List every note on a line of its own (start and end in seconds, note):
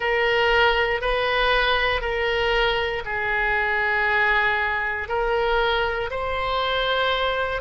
0.00 1.01 A#4
1.01 2.01 B4
2.01 3.02 A#4
3.05 5.08 G#4
5.08 6.10 A#4
6.10 7.61 C5